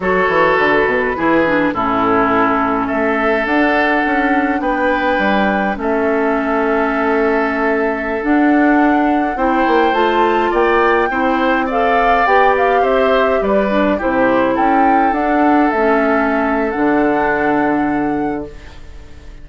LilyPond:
<<
  \new Staff \with { instrumentName = "flute" } { \time 4/4 \tempo 4 = 104 cis''4 b'2 a'4~ | a'4 e''4 fis''2 | g''2 e''2~ | e''2~ e''16 fis''4.~ fis''16~ |
fis''16 g''4 a''4 g''4.~ g''16~ | g''16 f''4 g''8 f''8 e''4 d''8.~ | d''16 c''4 g''4 fis''4 e''8.~ | e''4 fis''2. | }
  \new Staff \with { instrumentName = "oboe" } { \time 4/4 a'2 gis'4 e'4~ | e'4 a'2. | b'2 a'2~ | a'1~ |
a'16 c''2 d''4 c''8.~ | c''16 d''2 c''4 b'8.~ | b'16 g'4 a'2~ a'8.~ | a'1 | }
  \new Staff \with { instrumentName = "clarinet" } { \time 4/4 fis'2 e'8 d'8 cis'4~ | cis'2 d'2~ | d'2 cis'2~ | cis'2~ cis'16 d'4.~ d'16~ |
d'16 e'4 f'2 e'8.~ | e'16 a'4 g'2~ g'8 d'16~ | d'16 e'2 d'4 cis'8.~ | cis'4 d'2. | }
  \new Staff \with { instrumentName = "bassoon" } { \time 4/4 fis8 e8 d8 b,8 e4 a,4~ | a,4 a4 d'4 cis'4 | b4 g4 a2~ | a2~ a16 d'4.~ d'16~ |
d'16 c'8 ais8 a4 ais4 c'8.~ | c'4~ c'16 b4 c'4 g8.~ | g16 c4 cis'4 d'4 a8.~ | a4 d2. | }
>>